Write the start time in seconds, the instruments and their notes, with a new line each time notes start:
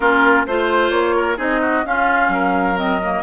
0.00 bassoon A#3, clarinet C#4, oboe F4, flute A#4
0.46 bassoon A3, clarinet F4, flute C5, oboe C5
0.90 bassoon A#3, flute C#5
1.16 oboe A#4
1.37 bassoon C4, clarinet D#4, oboe G#4, flute D#5
1.61 oboe F#4
1.84 clarinet C#4, bassoon C#4, oboe F4, flute F5
2.28 bassoon F#3, oboe A#4
2.77 clarinet C4, flute D#5
3.03 clarinet A#3